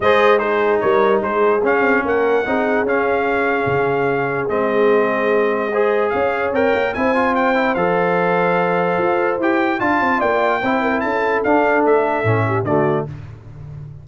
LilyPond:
<<
  \new Staff \with { instrumentName = "trumpet" } { \time 4/4 \tempo 4 = 147 dis''4 c''4 cis''4 c''4 | f''4 fis''2 f''4~ | f''2. dis''4~ | dis''2. f''4 |
g''4 gis''4 g''4 f''4~ | f''2. g''4 | a''4 g''2 a''4 | f''4 e''2 d''4 | }
  \new Staff \with { instrumentName = "horn" } { \time 4/4 c''4 gis'4 ais'4 gis'4~ | gis'4 ais'4 gis'2~ | gis'1~ | gis'2 c''4 cis''4~ |
cis''4 c''2.~ | c''1 | f''4 d''4 c''8 ais'8 a'4~ | a'2~ a'8 g'8 fis'4 | }
  \new Staff \with { instrumentName = "trombone" } { \time 4/4 gis'4 dis'2. | cis'2 dis'4 cis'4~ | cis'2. c'4~ | c'2 gis'2 |
ais'4 e'8 f'4 e'8 a'4~ | a'2. g'4 | f'2 e'2 | d'2 cis'4 a4 | }
  \new Staff \with { instrumentName = "tuba" } { \time 4/4 gis2 g4 gis4 | cis'8 c'8 ais4 c'4 cis'4~ | cis'4 cis2 gis4~ | gis2. cis'4 |
c'8 ais8 c'2 f4~ | f2 f'4 e'4 | d'8 c'8 ais4 c'4 cis'4 | d'4 a4 a,4 d4 | }
>>